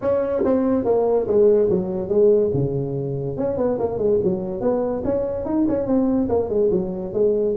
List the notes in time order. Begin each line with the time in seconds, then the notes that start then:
0.01 C#4
0.44 C4
0.84 A#3
1.27 G#3
1.69 F#3
2.08 G#3
2.53 C#3
3.37 C#4
3.57 B3
3.79 A#3
3.98 G#3
4.23 F#3
4.60 B3
5.04 C#4
5.45 D#4
5.68 C#4
5.86 C4
6.28 A#3
6.49 G#3
6.71 F#3
7.13 G#3